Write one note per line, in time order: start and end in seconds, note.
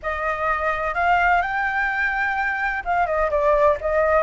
0.02 0.94 D#5
0.94 1.41 F5
1.41 2.83 G5
2.85 3.06 F5
3.06 3.30 D#5
3.30 3.77 D5
3.80 4.23 D#5